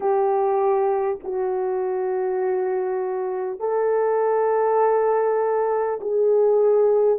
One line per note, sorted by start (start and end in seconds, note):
0.00 1.19 G4
1.23 3.59 F#4
3.59 5.99 A4
6.00 7.18 G#4